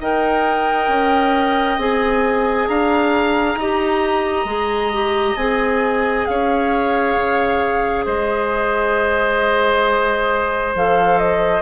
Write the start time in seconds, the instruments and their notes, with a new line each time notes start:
0.00 bassoon D#4, clarinet A#4, oboe D#5, flute G5
0.88 bassoon C#4
1.77 bassoon C4, clarinet G#4, flute G#5
2.68 bassoon D4, oboe F5, flute A#5
3.55 bassoon D#4, clarinet G4, oboe D#5
4.45 bassoon G#3, clarinet G#4
4.93 clarinet G4
5.36 bassoon C4, clarinet G#4, flute G#5
6.26 bassoon C#4, oboe C#5, flute F5
7.16 bassoon C#3
8.05 bassoon G#3, oboe C5, flute D#5
10.75 bassoon F3, clarinet A4, flute F5
11.18 flute D#5